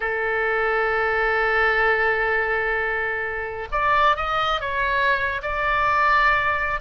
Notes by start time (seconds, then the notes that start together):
0.00 A4
3.71 D5
4.16 D#5
4.60 C#5
5.42 D5